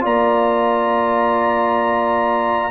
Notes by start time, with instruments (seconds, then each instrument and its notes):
0.00 tuba A#3, trombone F4, horn D5, trumpet A#5